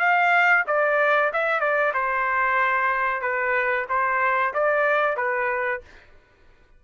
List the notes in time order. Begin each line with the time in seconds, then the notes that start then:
0.00 F5
0.68 D5
1.33 E5
1.61 D5
1.94 C5
3.22 B4
3.89 C5
4.54 D5
5.17 B4